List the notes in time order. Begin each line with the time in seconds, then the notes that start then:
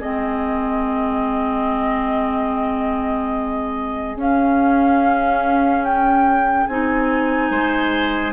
0.00 G#3 C4 G#4 D#5
4.16 C#4 F5
5.84 G5
6.67 C4 D#4 G#5
7.51 G#3 C5